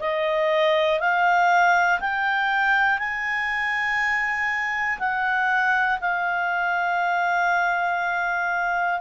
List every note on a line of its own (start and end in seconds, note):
0.00 1.00 D#5
1.00 2.00 F5
2.00 2.99 G5
2.99 4.99 G#5
5.00 6.00 F#5
6.01 9.01 F5